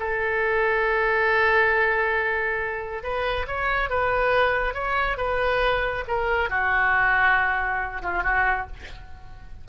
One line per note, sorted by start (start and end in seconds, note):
0.00 3.04 A4
3.04 3.47 B4
3.48 3.90 C#5
3.90 4.75 B4
4.75 5.18 C#5
5.18 6.05 B4
6.08 6.50 A#4
6.50 8.02 F#4
8.03 8.24 F4
8.24 8.67 F#4